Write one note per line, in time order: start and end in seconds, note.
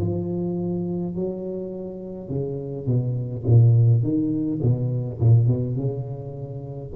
0.00 1.15 F3
1.15 2.29 F#3
2.29 2.86 C#3
2.86 3.44 B2
3.46 4.03 A#2
4.03 4.60 D#3
4.62 5.20 B2
5.20 5.47 A#2
5.47 5.76 B2
5.76 6.91 C#3